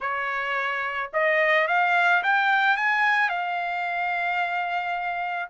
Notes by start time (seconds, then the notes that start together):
0.00 C#5
1.13 D#5
1.67 F5
2.23 G5
2.76 G#5
3.29 F5